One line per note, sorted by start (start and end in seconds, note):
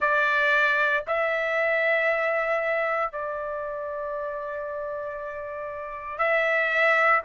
0.00 1.04 D5
1.07 3.12 E5
3.12 6.18 D5
6.18 7.21 E5